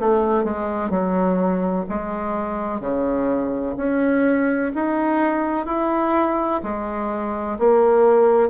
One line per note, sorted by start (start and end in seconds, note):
0.00 0.44 A3
0.44 0.90 G#3
0.90 1.86 F#3
1.90 2.81 G#3
2.81 3.76 C#3
3.77 4.72 C#4
4.75 5.66 D#4
5.66 6.61 E4
6.64 7.59 G#3
7.59 8.50 A#3